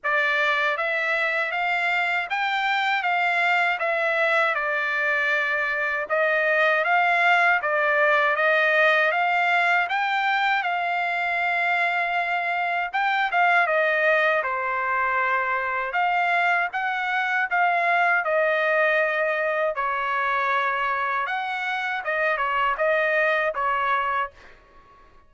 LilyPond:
\new Staff \with { instrumentName = "trumpet" } { \time 4/4 \tempo 4 = 79 d''4 e''4 f''4 g''4 | f''4 e''4 d''2 | dis''4 f''4 d''4 dis''4 | f''4 g''4 f''2~ |
f''4 g''8 f''8 dis''4 c''4~ | c''4 f''4 fis''4 f''4 | dis''2 cis''2 | fis''4 dis''8 cis''8 dis''4 cis''4 | }